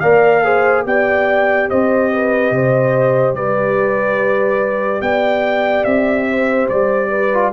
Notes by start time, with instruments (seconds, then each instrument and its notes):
0.00 tuba A#3, trombone A#4, horn D5, trumpet F5
0.44 trombone G#4, horn C5
0.85 tuba B3, trombone G4, horn D5, trumpet G5
1.70 tuba C4, horn C5, trumpet D#5
2.13 horn B4
2.51 tuba C3, horn C5
3.34 tuba G3, horn B4, trumpet D5
5.01 tuba B3, horn D5, trumpet G5
5.84 tuba C4, trumpet E5
6.30 horn C5
6.69 tuba G3, trumpet D5
7.10 horn B4
7.34 trombone F4